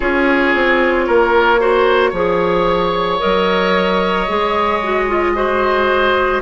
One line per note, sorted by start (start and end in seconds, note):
0.00 0.54 C#4
0.00 1.58 F4
0.00 1.05 G#4
0.00 3.19 C#5
0.54 1.08 C4
1.06 2.12 A#3
1.06 1.60 A#4
1.59 2.12 F#4
1.59 2.10 C5
2.10 3.19 F3
2.10 3.19 G#4
2.10 5.31 C#5
3.19 4.29 F#3
3.19 4.26 A#4
3.19 6.41 D#5
4.27 6.42 G#3
4.27 4.81 G#4
4.83 5.08 F#4
5.08 5.35 F4
5.35 6.42 F#4
5.35 6.42 C5